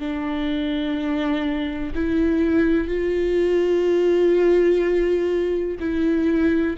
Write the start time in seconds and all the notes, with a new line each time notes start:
0.00 D4
1.95 E4
2.88 F4
5.80 E4